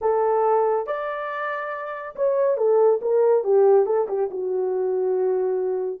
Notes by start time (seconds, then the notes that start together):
0.01 A4
0.86 D5
2.15 C#5
2.57 A4
3.01 A#4
3.44 G4
3.86 A4
4.08 G4
4.31 F#4